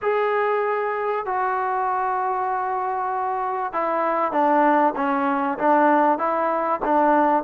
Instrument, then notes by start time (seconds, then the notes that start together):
trombone
0.02 G#4
1.25 F#4
3.72 E4
4.32 D4
4.96 C#4
5.58 D4
6.18 E4
6.84 D4